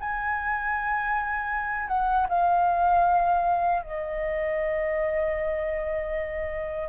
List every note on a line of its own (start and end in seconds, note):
0.00 1.88 G#5
1.88 2.27 F#5
2.29 3.83 F5
3.83 6.88 D#5